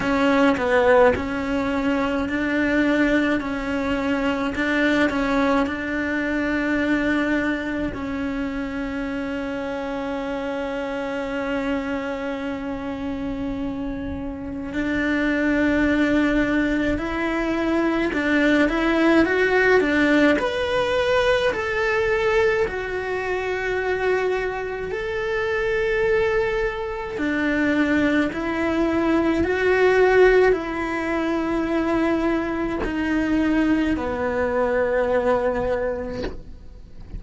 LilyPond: \new Staff \with { instrumentName = "cello" } { \time 4/4 \tempo 4 = 53 cis'8 b8 cis'4 d'4 cis'4 | d'8 cis'8 d'2 cis'4~ | cis'1~ | cis'4 d'2 e'4 |
d'8 e'8 fis'8 d'8 b'4 a'4 | fis'2 a'2 | d'4 e'4 fis'4 e'4~ | e'4 dis'4 b2 | }